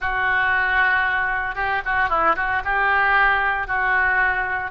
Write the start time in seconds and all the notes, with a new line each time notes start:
0.00 F#4
1.55 G4
1.85 F#4
2.09 E4
2.35 F#4
2.64 G4
3.67 F#4